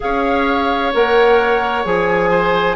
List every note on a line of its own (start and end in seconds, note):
0.00 0.94 C#4
0.00 0.92 G#4
0.00 2.30 C#5
0.00 0.93 F5
0.93 1.85 A#3
0.93 1.84 A#4
0.93 1.85 F#5
1.84 2.75 F3
1.84 2.75 G#4
1.84 2.75 G#5
2.30 2.75 C5